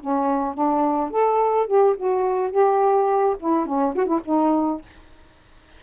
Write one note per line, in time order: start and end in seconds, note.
0.00 0.54 C#4
0.54 1.10 D4
1.10 1.67 A4
1.67 1.95 G4
1.97 2.51 F#4
2.51 3.36 G4
3.39 3.66 E4
3.66 3.94 C#4
3.95 4.06 F#4
4.06 4.20 E4
4.25 4.81 D#4